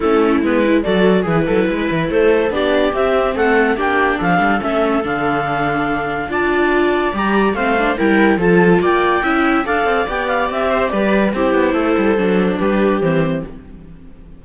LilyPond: <<
  \new Staff \with { instrumentName = "clarinet" } { \time 4/4 \tempo 4 = 143 a'4 b'4 d''4 b'4~ | b'4 c''4 d''4 e''4 | fis''4 g''4 f''4 e''4 | f''2. a''4~ |
a''4 ais''4 f''4 g''4 | a''4 g''2 f''4 | g''8 f''8 e''4 d''4 c''4~ | c''2 b'4 c''4 | }
  \new Staff \with { instrumentName = "viola" } { \time 4/4 e'2 a'4 gis'8 a'8 | b'4 a'4 g'2 | a'4 g'4 a'2~ | a'2. d''4~ |
d''2 c''4 ais'4 | a'4 d''4 e''4 d''4~ | d''4. c''8 b'4 g'4 | a'2 g'2 | }
  \new Staff \with { instrumentName = "viola" } { \time 4/4 cis'4 b8 e'8 fis'4 e'4~ | e'2 d'4 c'4~ | c'4 d'2 cis'4 | d'2. f'4~ |
f'4 g'4 c'8 d'8 e'4 | f'2 e'4 a'4 | g'2. e'4~ | e'4 d'2 c'4 | }
  \new Staff \with { instrumentName = "cello" } { \time 4/4 a4 gis4 fis4 e8 fis8 | gis8 e8 a4 b4 c'4 | a4 ais4 f8 g8 a4 | d2. d'4~ |
d'4 g4 a4 g4 | f4 ais4 cis'4 d'8 c'8 | b4 c'4 g4 c'8 b8 | a8 g8 fis4 g4 e4 | }
>>